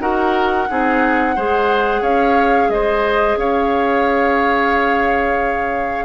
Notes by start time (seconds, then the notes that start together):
0.00 D#4 F#4 A#4 F#5
0.69 C4 D#4 G#4
1.36 G#3 G#4 C5
2.02 C#4 C#5 F5
2.69 G#3 C5 D#5
3.37 C#4 C#5 F5